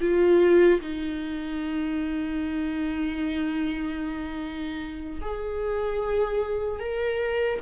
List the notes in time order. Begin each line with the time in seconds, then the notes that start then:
0.00 F4
0.80 D#4
5.21 G#4
6.79 A#4